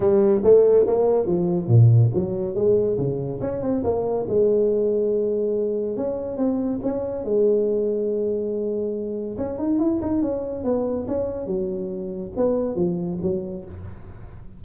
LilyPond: \new Staff \with { instrumentName = "tuba" } { \time 4/4 \tempo 4 = 141 g4 a4 ais4 f4 | ais,4 fis4 gis4 cis4 | cis'8 c'8 ais4 gis2~ | gis2 cis'4 c'4 |
cis'4 gis2.~ | gis2 cis'8 dis'8 e'8 dis'8 | cis'4 b4 cis'4 fis4~ | fis4 b4 f4 fis4 | }